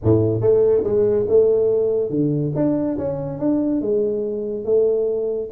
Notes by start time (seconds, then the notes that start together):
0.03 A2
0.41 A3
0.83 G#3
1.28 A3
2.10 D3
2.55 D4
2.98 C#4
3.38 D4
3.81 G#3
4.64 A3